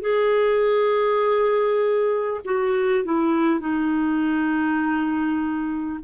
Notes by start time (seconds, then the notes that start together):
0.00 G#4
2.44 F#4
3.04 E4
3.59 D#4